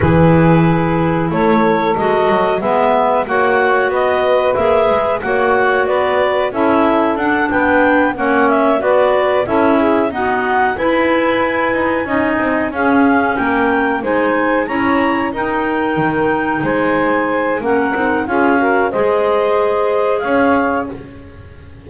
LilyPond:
<<
  \new Staff \with { instrumentName = "clarinet" } { \time 4/4 \tempo 4 = 92 b'2 cis''4 dis''4 | e''4 fis''4 dis''4 e''4 | fis''4 d''4 e''4 fis''8 g''8~ | g''8 fis''8 e''8 d''4 e''4 fis''8~ |
fis''8 gis''2. f''8~ | f''8 g''4 gis''4 ais''4 g''8~ | g''4. gis''4. fis''4 | f''4 dis''2 f''4 | }
  \new Staff \with { instrumentName = "saxophone" } { \time 4/4 gis'2 a'2 | b'4 cis''4 b'2 | cis''4 b'4 a'4. b'8~ | b'8 cis''4 b'4 a'8 gis'8 fis'8~ |
fis'8 b'2 dis''4 gis'8~ | gis'8 ais'4 c''4 cis''4 ais'8~ | ais'4. c''4. ais'4 | gis'8 ais'8 c''2 cis''4 | }
  \new Staff \with { instrumentName = "clarinet" } { \time 4/4 e'2. fis'4 | b4 fis'2 gis'4 | fis'2 e'4 d'4~ | d'8 cis'4 fis'4 e'4 b8~ |
b8 e'2 dis'4 cis'8~ | cis'4. dis'4 e'4 dis'8~ | dis'2. cis'8 dis'8 | f'8 fis'8 gis'2. | }
  \new Staff \with { instrumentName = "double bass" } { \time 4/4 e2 a4 gis8 fis8 | gis4 ais4 b4 ais8 gis8 | ais4 b4 cis'4 d'8 b8~ | b8 ais4 b4 cis'4 dis'8~ |
dis'8 e'4. dis'8 cis'8 c'8 cis'8~ | cis'8 ais4 gis4 cis'4 dis'8~ | dis'8 dis4 gis4. ais8 c'8 | cis'4 gis2 cis'4 | }
>>